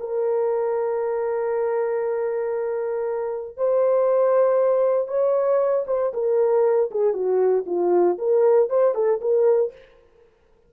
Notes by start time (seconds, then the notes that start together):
0.00 A#4
3.57 C5
5.08 C#5
5.87 C5
6.14 A#4
6.91 G#4
7.14 F#4
7.66 F4
8.18 A#4
8.69 C5
8.95 A4
9.21 A#4